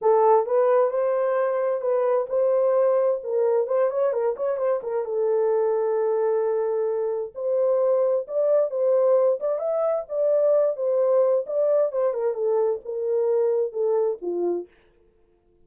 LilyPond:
\new Staff \with { instrumentName = "horn" } { \time 4/4 \tempo 4 = 131 a'4 b'4 c''2 | b'4 c''2 ais'4 | c''8 cis''8 ais'8 cis''8 c''8 ais'8 a'4~ | a'1 |
c''2 d''4 c''4~ | c''8 d''8 e''4 d''4. c''8~ | c''4 d''4 c''8 ais'8 a'4 | ais'2 a'4 f'4 | }